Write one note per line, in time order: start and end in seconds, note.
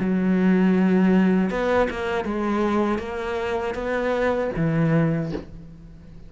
0.00 1.50 F#3
1.50 1.88 B3
1.91 2.25 A#3
2.25 2.99 G#3
2.99 3.75 A#3
3.75 4.51 B3
4.56 5.32 E3